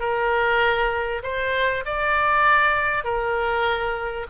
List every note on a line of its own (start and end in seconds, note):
0.00 1.22 A#4
1.23 1.85 C5
1.86 3.04 D5
3.04 4.27 A#4